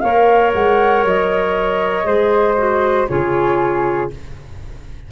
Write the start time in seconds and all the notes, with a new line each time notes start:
0.00 A#3 A#4 C#5 F5
0.54 G#3 F#5
1.04 F#3 D#5
2.03 G#3 G#4 C5
2.57 F#4
3.08 C#3 F4 G#4 C#5